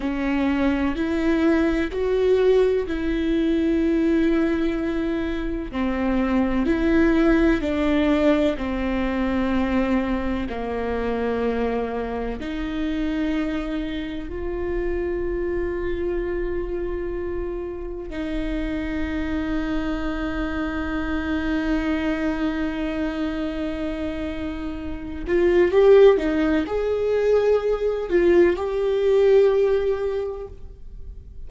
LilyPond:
\new Staff \with { instrumentName = "viola" } { \time 4/4 \tempo 4 = 63 cis'4 e'4 fis'4 e'4~ | e'2 c'4 e'4 | d'4 c'2 ais4~ | ais4 dis'2 f'4~ |
f'2. dis'4~ | dis'1~ | dis'2~ dis'8 f'8 g'8 dis'8 | gis'4. f'8 g'2 | }